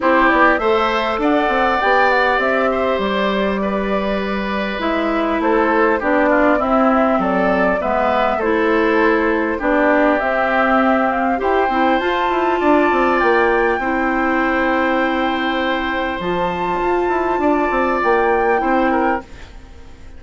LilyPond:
<<
  \new Staff \with { instrumentName = "flute" } { \time 4/4 \tempo 4 = 100 c''8 d''8 e''4 fis''4 g''8 fis''8 | e''4 d''2. | e''4 c''4 d''4 e''4 | d''4 e''4 c''2 |
d''4 e''4. f''8 g''4 | a''2 g''2~ | g''2. a''4~ | a''2 g''2 | }
  \new Staff \with { instrumentName = "oboe" } { \time 4/4 g'4 c''4 d''2~ | d''8 c''4. b'2~ | b'4 a'4 g'8 f'8 e'4 | a'4 b'4 a'2 |
g'2. c''4~ | c''4 d''2 c''4~ | c''1~ | c''4 d''2 c''8 ais'8 | }
  \new Staff \with { instrumentName = "clarinet" } { \time 4/4 e'4 a'2 g'4~ | g'1 | e'2 d'4 c'4~ | c'4 b4 e'2 |
d'4 c'2 g'8 e'8 | f'2. e'4~ | e'2. f'4~ | f'2. e'4 | }
  \new Staff \with { instrumentName = "bassoon" } { \time 4/4 c'8 b8 a4 d'8 c'8 b4 | c'4 g2. | gis4 a4 b4 c'4 | fis4 gis4 a2 |
b4 c'2 e'8 c'8 | f'8 e'8 d'8 c'8 ais4 c'4~ | c'2. f4 | f'8 e'8 d'8 c'8 ais4 c'4 | }
>>